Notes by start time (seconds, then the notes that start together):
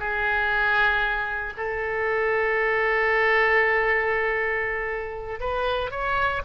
0.00 G#4
1.58 A4
5.40 B4
5.91 C#5